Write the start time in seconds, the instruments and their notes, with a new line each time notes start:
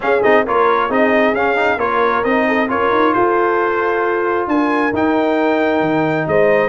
0.00 trombone C#4, tuba C#4, horn G#4, trumpet F5
0.22 tuba C4, trombone D#4, trumpet D#5
0.44 tuba A#3, trombone F4, horn A#4, trumpet C#5
0.88 tuba C4, trombone D#4, horn G#4, trumpet D#5
1.33 tuba C#4, trombone C#4, trumpet F5
1.56 trombone D#4
1.77 tuba A#3, trombone F4, horn A#4, trumpet C#5
2.23 tuba C4, trombone D#4, trumpet D#5
2.47 horn A4
2.68 tuba C#4, trombone F4, horn A#4, trumpet C#5
2.91 tuba D#4
3.13 tuba F4, horn A4, trumpet C5
4.47 tuba D4, horn A#4, trumpet G#5
4.92 tuba D#4, trombone D#4, trumpet G5
5.80 tuba D#3
6.27 tuba G#3, horn C5, trumpet D#5